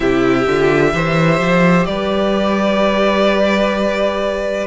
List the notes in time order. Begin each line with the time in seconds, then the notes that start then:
0.00 C3 E4 G4 E5
0.46 D3 F4
0.92 E3 G4 C5
1.40 F3
1.85 G3 B4 D5